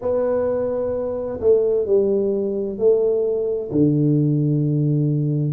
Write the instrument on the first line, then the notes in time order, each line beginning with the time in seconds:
tuba
0.01 B3
1.40 A3
1.86 G3
2.78 A3
3.71 D3